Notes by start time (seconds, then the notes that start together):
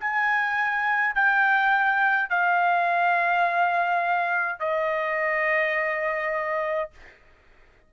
0.00 G#5
1.15 G5
2.29 F5
4.60 D#5